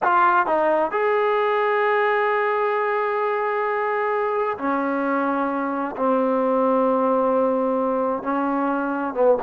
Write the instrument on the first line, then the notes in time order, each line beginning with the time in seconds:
trombone
0.02 F4
0.46 D#4
0.91 G#4
4.58 C#4
5.96 C4
8.23 C#4
9.14 B3